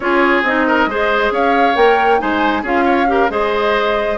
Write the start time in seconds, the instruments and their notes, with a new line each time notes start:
0.00 bassoon C#4, clarinet F4, oboe G#4, flute C#5
0.42 bassoon C4, clarinet D#4, flute D#5
0.67 oboe A#4
0.86 bassoon G#3, clarinet G#4, oboe C5
1.31 bassoon C#4, oboe C#5, flute F5
1.75 bassoon A#3, clarinet A#4, flute G5
2.18 bassoon G#3, clarinet D#4, oboe C5, flute G#5
2.62 bassoon C#4, clarinet F4, oboe G#4, flute F5
2.84 oboe C#5
3.07 clarinet G4, oboe A#4
3.29 bassoon G#3, clarinet G#4, oboe C5, flute D#5